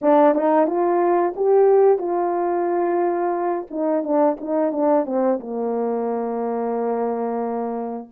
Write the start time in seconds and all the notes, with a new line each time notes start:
0.01 D4
0.34 D#4
0.66 F4
1.35 G4
1.98 F4
3.70 D#4
4.03 D4
4.40 D#4
4.72 D4
5.05 C4
5.40 A#3